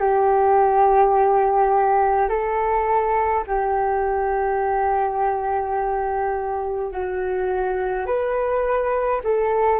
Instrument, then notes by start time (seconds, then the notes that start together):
flute
0.00 G4
2.29 A4
3.47 G4
6.91 F#4
8.06 B4
9.24 A4